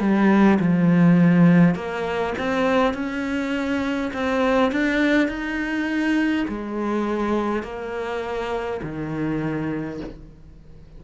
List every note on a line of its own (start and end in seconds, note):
0.00 0.59 G3
0.60 1.75 F3
1.75 2.34 A#3
2.39 2.94 C4
2.94 4.12 C#4
4.14 4.72 C4
4.72 5.28 D4
5.28 6.46 D#4
6.49 7.63 G#3
7.63 8.81 A#3
8.83 10.01 D#3